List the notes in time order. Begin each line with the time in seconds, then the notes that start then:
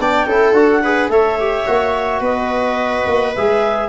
0.00 B3 D4 D5 G5
0.26 C#4 E4 A4
0.53 D4 F#4 F#5
0.83 G#4 B4
1.09 A3 A4 C#5 E5
1.40 G4
1.67 A#3 F#4
2.21 B3 B4 D#5
3.07 A#3
3.35 G#3 G#4 E5